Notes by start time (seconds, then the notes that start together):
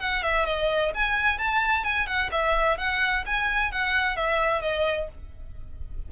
0.00 F#5
0.23 E5
0.46 D#5
0.95 G#5
1.39 A5
1.84 G#5
2.07 F#5
2.32 E5
2.78 F#5
3.26 G#5
3.72 F#5
4.17 E5
4.62 D#5